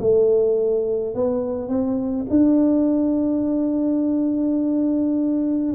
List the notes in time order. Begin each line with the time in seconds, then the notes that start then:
0.00 A3
1.15 B3
1.69 C4
2.30 D4